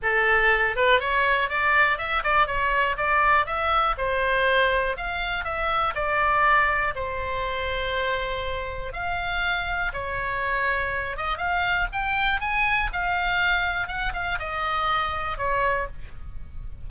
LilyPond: \new Staff \with { instrumentName = "oboe" } { \time 4/4 \tempo 4 = 121 a'4. b'8 cis''4 d''4 | e''8 d''8 cis''4 d''4 e''4 | c''2 f''4 e''4 | d''2 c''2~ |
c''2 f''2 | cis''2~ cis''8 dis''8 f''4 | g''4 gis''4 f''2 | fis''8 f''8 dis''2 cis''4 | }